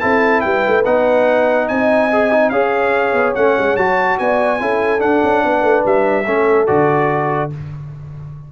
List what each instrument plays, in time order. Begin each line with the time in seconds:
0.00 tuba C4, trombone E4, horn A4, trumpet A5
0.41 tuba G3, horn B4, trumpet G5
0.67 tuba A3
0.85 tuba B3, trombone D#4, trumpet F#5
1.68 tuba C4, horn D#5, trumpet G#5
2.12 trombone G#4
2.31 trombone D#4
2.49 tuba C#4, trombone G#4, horn C#5, trumpet F5
3.13 tuba B3
3.35 tuba A3, trombone C#4, trumpet F#5
3.58 tuba G#3
3.76 tuba F#3, trombone F#4, trumpet A5
4.18 tuba B3, horn D5, trumpet G#5
4.59 tuba C#4, trombone E4, horn A4
4.99 trombone D4, tuba D4, trumpet F#5
5.23 tuba C#4
5.44 tuba B3, horn B4
5.62 tuba A3
5.85 tuba G3, trumpet E5
6.26 tuba A3, trombone C#4, horn A4
6.66 tuba D3, trombone F#4, trumpet D5